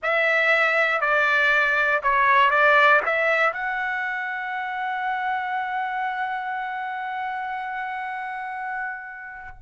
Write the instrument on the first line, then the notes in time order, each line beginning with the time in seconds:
trumpet
0.03 E5
1.00 D5
2.02 C#5
2.50 D5
3.05 E5
3.52 F#5